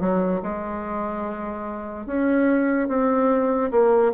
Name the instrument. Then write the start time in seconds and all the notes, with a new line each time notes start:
bassoon
0.00 F#3
0.43 G#3
2.06 C#4
2.88 C4
3.71 A#3